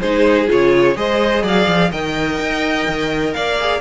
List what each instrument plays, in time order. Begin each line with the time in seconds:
0.00 cello G#3, viola D#4, violin G#4 C5
0.47 cello C#3, viola F4, violin C#5
0.95 cello G#3, viola G#4, violin C5 D#5
1.43 cello F#3, violin D5 F5
1.67 cello F3
1.91 cello D#3, viola A#4, violin D#5 G5
2.39 cello D#4
2.87 cello D#3
3.33 cello A#3, violin D5 F5
3.60 viola G#4